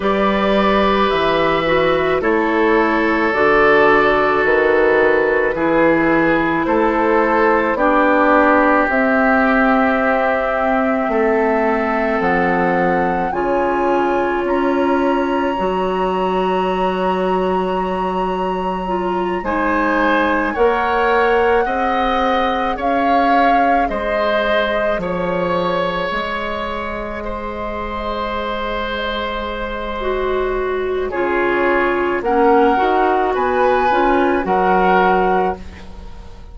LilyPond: <<
  \new Staff \with { instrumentName = "flute" } { \time 4/4 \tempo 4 = 54 d''4 e''4 cis''4 d''4 | b'2 c''4 d''4 | e''2. fis''4 | gis''4 ais''2.~ |
ais''4. gis''4 fis''4.~ | fis''8 f''4 dis''4 cis''4 dis''8~ | dis''1 | cis''4 fis''4 gis''4 fis''4 | }
  \new Staff \with { instrumentName = "oboe" } { \time 4/4 b'2 a'2~ | a'4 gis'4 a'4 g'4~ | g'2 a'2 | cis''1~ |
cis''4. c''4 cis''4 dis''8~ | dis''8 cis''4 c''4 cis''4.~ | cis''8 c''2.~ c''8 | gis'4 ais'4 b'4 ais'4 | }
  \new Staff \with { instrumentName = "clarinet" } { \time 4/4 g'4. fis'8 e'4 fis'4~ | fis'4 e'2 d'4 | c'1 | f'2 fis'2~ |
fis'4 f'8 dis'4 ais'4 gis'8~ | gis'1~ | gis'2. fis'4 | f'4 cis'8 fis'4 f'8 fis'4 | }
  \new Staff \with { instrumentName = "bassoon" } { \time 4/4 g4 e4 a4 d4 | dis4 e4 a4 b4 | c'2 a4 f4 | cis4 cis'4 fis2~ |
fis4. gis4 ais4 c'8~ | c'8 cis'4 gis4 f4 gis8~ | gis1 | cis4 ais8 dis'8 b8 cis'8 fis4 | }
>>